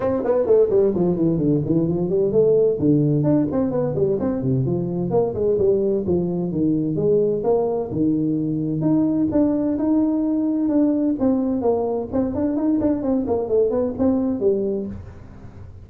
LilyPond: \new Staff \with { instrumentName = "tuba" } { \time 4/4 \tempo 4 = 129 c'8 b8 a8 g8 f8 e8 d8 e8 | f8 g8 a4 d4 d'8 c'8 | b8 g8 c'8 c8 f4 ais8 gis8 | g4 f4 dis4 gis4 |
ais4 dis2 dis'4 | d'4 dis'2 d'4 | c'4 ais4 c'8 d'8 dis'8 d'8 | c'8 ais8 a8 b8 c'4 g4 | }